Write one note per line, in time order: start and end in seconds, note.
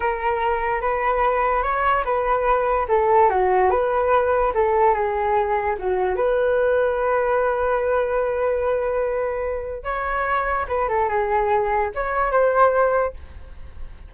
0.00 0.81 A#4
0.81 1.62 B4
1.62 2.03 C#5
2.04 2.87 B4
2.88 3.29 A4
3.29 3.70 F#4
3.70 4.52 B4
4.54 4.94 A4
4.94 5.76 G#4
5.79 6.16 F#4
6.16 9.83 B4
9.83 10.66 C#5
10.68 10.88 B4
10.88 11.09 A4
11.09 11.91 G#4
11.94 12.31 C#5
12.31 13.13 C5